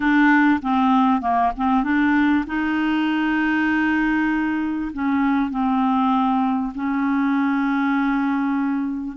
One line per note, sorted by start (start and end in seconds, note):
0.00 0.60 D4
0.62 1.21 C4
1.21 1.51 A#3
1.56 1.83 C4
1.83 2.44 D4
2.46 4.91 D#4
4.93 5.50 C#4
5.50 6.72 C4
6.74 9.17 C#4